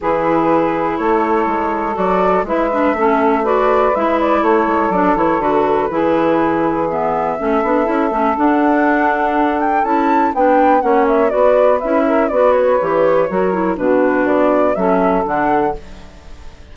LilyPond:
<<
  \new Staff \with { instrumentName = "flute" } { \time 4/4 \tempo 4 = 122 b'2 cis''2 | d''4 e''2 d''4 | e''8 d''8 cis''4 d''8 cis''8 b'4~ | b'2 e''2~ |
e''4 fis''2~ fis''8 g''8 | a''4 g''4 fis''8 e''8 d''4 | e''4 d''8 cis''2~ cis''8 | b'4 d''4 e''4 fis''4 | }
  \new Staff \with { instrumentName = "saxophone" } { \time 4/4 gis'2 a'2~ | a'4 b'4 a'4 b'4~ | b'4 a'2. | gis'2. a'4~ |
a'1~ | a'4 b'4 cis''4 b'4~ | b'8 ais'8 b'2 ais'4 | fis'2 a'2 | }
  \new Staff \with { instrumentName = "clarinet" } { \time 4/4 e'1 | fis'4 e'8 d'8 cis'4 fis'4 | e'2 d'8 e'8 fis'4 | e'2 b4 cis'8 d'8 |
e'8 cis'8 d'2. | e'4 d'4 cis'4 fis'4 | e'4 fis'4 g'4 fis'8 e'8 | d'2 cis'4 d'4 | }
  \new Staff \with { instrumentName = "bassoon" } { \time 4/4 e2 a4 gis4 | fis4 gis4 a2 | gis4 a8 gis8 fis8 e8 d4 | e2. a8 b8 |
cis'8 a8 d'2. | cis'4 b4 ais4 b4 | cis'4 b4 e4 fis4 | b,4 b4 fis4 d4 | }
>>